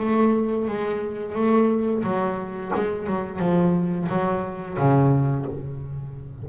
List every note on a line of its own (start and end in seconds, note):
0.00 0.68 A3
0.68 1.35 G#3
1.35 2.03 A3
2.04 2.72 F#3
2.75 3.07 G#3
3.07 3.39 F#3
3.39 4.07 F3
4.09 4.78 F#3
4.78 5.46 C#3